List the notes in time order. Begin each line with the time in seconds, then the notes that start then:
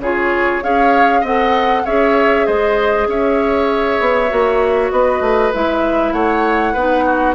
0.00 C#3 F4 G#4 C#5
0.62 C#4 G#4 C#5 F5
1.21 C4 A4 D#5 F#5
1.85 C#4 G#4 C#5 E5
2.46 G#3 C5 D#5
3.08 C#4 C#5 E5
4.01 B3
4.29 A#3 F#4
4.91 B3 B4 D#5
5.21 A3
5.54 G#3 E4 E5
6.13 A3 C#5 F#5
6.73 B3 D#4 B4
7.06 F#4